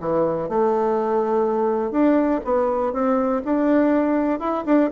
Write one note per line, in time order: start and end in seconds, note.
0.00 0.49 E3
0.49 1.92 A3
1.92 2.41 D4
2.45 2.93 B3
2.93 3.42 C4
3.45 4.40 D4
4.40 4.65 E4
4.65 4.90 D4